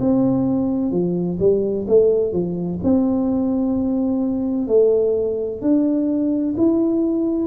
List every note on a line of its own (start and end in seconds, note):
0.00 0.92 C4
0.92 1.38 F3
1.40 1.87 G3
1.88 2.33 A3
2.33 2.80 F3
2.83 4.68 C4
4.68 5.62 A3
5.62 6.55 D4
6.57 7.47 E4